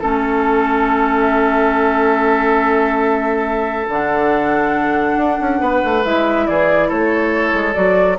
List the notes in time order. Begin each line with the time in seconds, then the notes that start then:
0.00 A3 C#4 A4
1.20 E5
3.89 D3 D4 F#5
5.17 D4
5.41 C#4
5.60 B3 B4
5.85 A3
6.04 G#3 E4 E5
6.47 E3 G#4 D5
6.89 A3 A4 C#5
7.53 G#3
7.74 F#3 F#4 D5